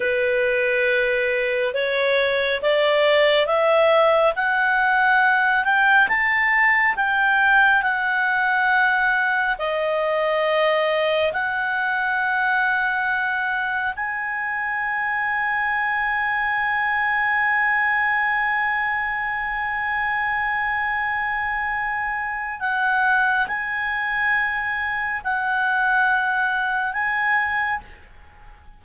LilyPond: \new Staff \with { instrumentName = "clarinet" } { \time 4/4 \tempo 4 = 69 b'2 cis''4 d''4 | e''4 fis''4. g''8 a''4 | g''4 fis''2 dis''4~ | dis''4 fis''2. |
gis''1~ | gis''1~ | gis''2 fis''4 gis''4~ | gis''4 fis''2 gis''4 | }